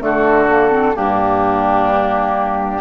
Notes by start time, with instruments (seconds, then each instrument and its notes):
0.00 bassoon D3, clarinet A3, oboe F#4, flute A4
0.50 clarinet A#3
0.71 clarinet C4
0.95 bassoon G2, clarinet A#3, oboe D4, flute G4